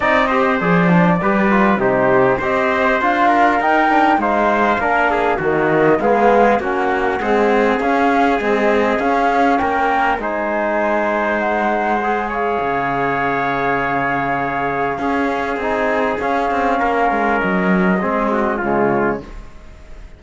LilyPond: <<
  \new Staff \with { instrumentName = "flute" } { \time 4/4 \tempo 4 = 100 dis''4 d''2 c''4 | dis''4 f''4 g''4 f''4~ | f''4 dis''4 f''4 fis''4~ | fis''4 f''4 dis''4 f''4 |
g''4 gis''2 fis''4~ | fis''8 f''2.~ f''8~ | f''2 gis''4 f''4~ | f''4 dis''2 cis''4 | }
  \new Staff \with { instrumentName = "trumpet" } { \time 4/4 d''8 c''4. b'4 g'4 | c''4. ais'4. c''4 | ais'8 gis'8 fis'4 gis'4 fis'4 | gis'1 |
ais'4 c''2.~ | c''8 cis''2.~ cis''8~ | cis''4 gis'2. | ais'2 gis'8 fis'8 f'4 | }
  \new Staff \with { instrumentName = "trombone" } { \time 4/4 dis'8 g'8 gis'8 d'8 g'8 f'8 dis'4 | g'4 f'4 dis'8 d'8 dis'4 | d'4 ais4 b4 cis'4 | gis4 cis'4 gis4 cis'4~ |
cis'4 dis'2. | gis'1~ | gis'4 cis'4 dis'4 cis'4~ | cis'2 c'4 gis4 | }
  \new Staff \with { instrumentName = "cello" } { \time 4/4 c'4 f4 g4 c4 | c'4 d'4 dis'4 gis4 | ais4 dis4 gis4 ais4 | c'4 cis'4 c'4 cis'4 |
ais4 gis2.~ | gis4 cis2.~ | cis4 cis'4 c'4 cis'8 c'8 | ais8 gis8 fis4 gis4 cis4 | }
>>